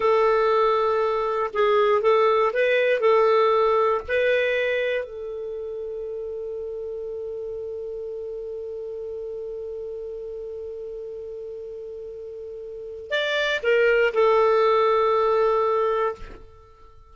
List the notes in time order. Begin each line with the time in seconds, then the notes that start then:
0.00 A4
1.53 G#4
2.01 A4
2.53 B4
3.00 A4
4.07 B4
5.04 A4
13.10 D5
13.62 A#4
14.13 A4